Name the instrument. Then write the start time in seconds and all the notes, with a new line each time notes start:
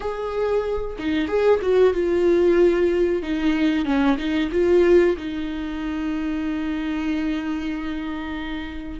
viola
0.00 G#4
0.99 D#4
1.27 G#4
1.61 F#4
1.93 F4
3.22 D#4
3.85 C#4
4.17 D#4
4.51 F4
5.17 D#4